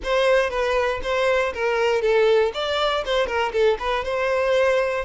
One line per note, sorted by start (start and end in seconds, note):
0.03 0.50 C5
0.50 1.00 B4
1.02 1.53 C5
1.54 2.01 A#4
2.01 2.51 A4
2.53 3.04 D5
3.05 3.27 C5
3.27 3.52 A#4
3.52 3.77 A4
3.79 4.04 B4
4.04 5.04 C5